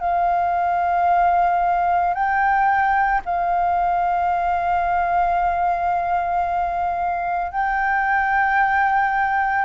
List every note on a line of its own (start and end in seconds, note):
0.00 2.14 F5
2.14 3.21 G5
3.25 7.51 F5
7.51 9.65 G5